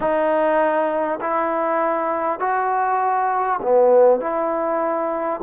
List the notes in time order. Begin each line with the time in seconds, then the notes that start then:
0.00 D#4
1.21 E4
2.39 F#4
3.62 B3
4.20 E4